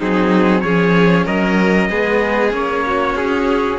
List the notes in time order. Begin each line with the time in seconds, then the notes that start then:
0.00 F#3 C4 D#4 G#4
0.61 F3 C#4 G#4 C#5
1.26 F#3 A#4 D#5
1.90 G#3 B3 G#4
2.51 A#3 C#4 C#5
2.87 F#4
3.16 C#4 G#4